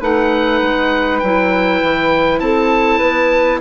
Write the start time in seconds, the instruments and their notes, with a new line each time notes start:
0.00 bassoon A3, clarinet D#4, flute B4, oboe F#5
0.61 bassoon G#3
1.19 bassoon F#3, oboe G5
1.25 clarinet E4
1.82 bassoon E3
2.39 bassoon C4, flute A4, oboe A5
2.98 bassoon B3, flute B4